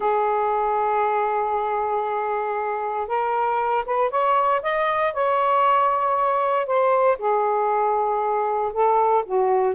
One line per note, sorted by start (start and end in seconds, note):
0.00 3.07 G#4
3.07 3.84 A#4
3.85 4.10 B4
4.10 4.61 C#5
4.62 5.13 D#5
5.13 6.66 C#5
6.66 7.17 C5
7.18 8.72 G#4
8.73 9.24 A4
9.25 9.74 F#4